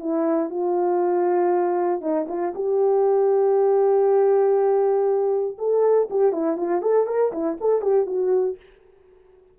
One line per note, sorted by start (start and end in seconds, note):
0.00 0.50 E4
0.50 2.01 F4
2.01 2.27 D#4
2.28 2.54 F4
2.55 5.58 G4
5.58 6.09 A4
6.11 6.33 G4
6.33 6.58 E4
6.58 6.82 F4
6.82 7.07 A4
7.07 7.32 A#4
7.32 7.58 E4
7.61 7.82 A4
7.82 8.06 G4
8.06 8.57 F#4